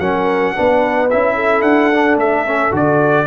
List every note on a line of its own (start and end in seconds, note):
0.00 0.55 F#3
0.00 0.56 C#4
0.00 0.55 A#4
0.00 1.09 F#5
0.56 1.14 B3
0.56 1.10 D4
0.56 1.35 B4
1.10 1.63 C#4
1.10 1.94 E4
1.10 1.62 E5
1.35 3.26 A4
1.62 2.17 D4
1.62 2.16 F#5
1.94 2.47 D4
2.17 2.71 A3
2.17 2.74 E5
2.47 2.72 C#4
2.72 3.27 D3
2.72 3.26 F#4
2.72 3.27 D5